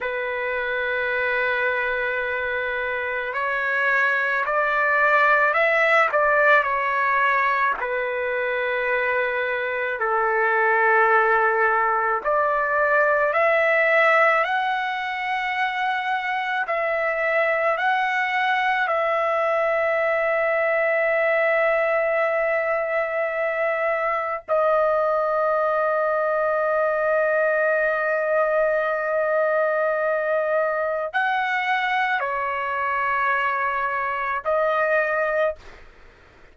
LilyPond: \new Staff \with { instrumentName = "trumpet" } { \time 4/4 \tempo 4 = 54 b'2. cis''4 | d''4 e''8 d''8 cis''4 b'4~ | b'4 a'2 d''4 | e''4 fis''2 e''4 |
fis''4 e''2.~ | e''2 dis''2~ | dis''1 | fis''4 cis''2 dis''4 | }